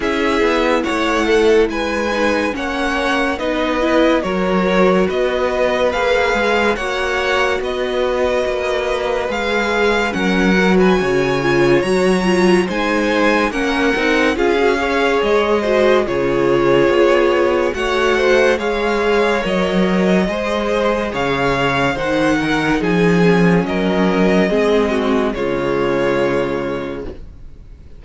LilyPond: <<
  \new Staff \with { instrumentName = "violin" } { \time 4/4 \tempo 4 = 71 e''4 fis''4 gis''4 fis''4 | dis''4 cis''4 dis''4 f''4 | fis''4 dis''2 f''4 | fis''8. gis''4~ gis''16 ais''4 gis''4 |
fis''4 f''4 dis''4 cis''4~ | cis''4 fis''4 f''4 dis''4~ | dis''4 f''4 fis''4 gis''4 | dis''2 cis''2 | }
  \new Staff \with { instrumentName = "violin" } { \time 4/4 gis'4 cis''8 a'8 b'4 cis''4 | b'4 ais'4 b'2 | cis''4 b'2. | ais'8. b'16 cis''2 c''4 |
ais'4 gis'8 cis''4 c''8 gis'4~ | gis'4 cis''8 c''8 cis''2 | c''4 cis''4 c''8 ais'8 gis'4 | ais'4 gis'8 fis'8 f'2 | }
  \new Staff \with { instrumentName = "viola" } { \time 4/4 e'2~ e'8 dis'8 cis'4 | dis'8 e'8 fis'2 gis'4 | fis'2. gis'4 | cis'8 fis'4 f'8 fis'8 f'8 dis'4 |
cis'8 dis'8 f'16 fis'16 gis'4 fis'8 f'4~ | f'4 fis'4 gis'4 ais'4 | gis'2 dis'4. cis'8~ | cis'4 c'4 gis2 | }
  \new Staff \with { instrumentName = "cello" } { \time 4/4 cis'8 b8 a4 gis4 ais4 | b4 fis4 b4 ais8 gis8 | ais4 b4 ais4 gis4 | fis4 cis4 fis4 gis4 |
ais8 c'8 cis'4 gis4 cis4 | b4 a4 gis4 fis4 | gis4 cis4 dis4 f4 | fis4 gis4 cis2 | }
>>